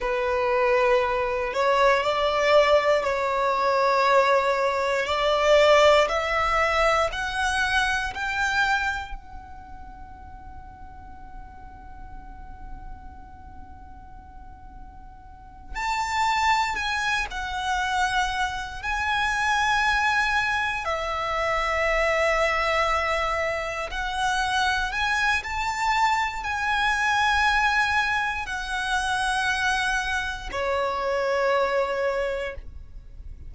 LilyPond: \new Staff \with { instrumentName = "violin" } { \time 4/4 \tempo 4 = 59 b'4. cis''8 d''4 cis''4~ | cis''4 d''4 e''4 fis''4 | g''4 fis''2.~ | fis''2.~ fis''8 a''8~ |
a''8 gis''8 fis''4. gis''4.~ | gis''8 e''2. fis''8~ | fis''8 gis''8 a''4 gis''2 | fis''2 cis''2 | }